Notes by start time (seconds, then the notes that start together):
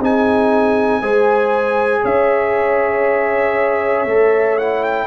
0.00 C4 D#4 G#4 G#5
1.02 G#3 G#4 C5
2.02 C#4 C#5 E5
4.06 A3 A4
4.58 E4 F#5
4.83 G5